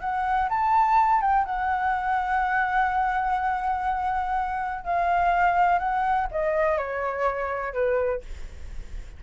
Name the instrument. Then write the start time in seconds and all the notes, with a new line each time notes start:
flute
0.00 F#5
0.49 A5
1.21 G5
1.45 F#5
4.84 F5
5.78 F#5
6.31 D#5
6.77 C#5
7.73 B4